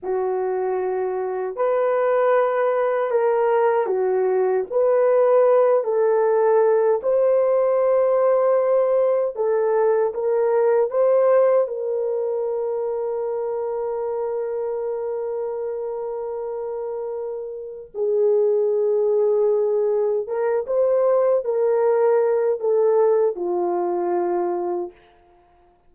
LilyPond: \new Staff \with { instrumentName = "horn" } { \time 4/4 \tempo 4 = 77 fis'2 b'2 | ais'4 fis'4 b'4. a'8~ | a'4 c''2. | a'4 ais'4 c''4 ais'4~ |
ais'1~ | ais'2. gis'4~ | gis'2 ais'8 c''4 ais'8~ | ais'4 a'4 f'2 | }